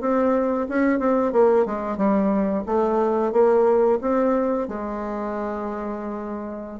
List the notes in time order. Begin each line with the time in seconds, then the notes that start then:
0.00 C4
0.68 C#4
0.99 C4
1.32 A#3
1.65 G#3
1.97 G3
2.66 A3
3.32 A#3
4.01 C4
4.68 G#3